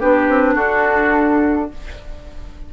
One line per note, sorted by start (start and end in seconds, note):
0.00 0.29 B3
0.00 1.74 D4
0.00 0.55 G4
0.00 0.56 B4
0.29 0.56 C4
0.55 1.72 D4
0.55 1.70 F#4
0.55 1.72 A4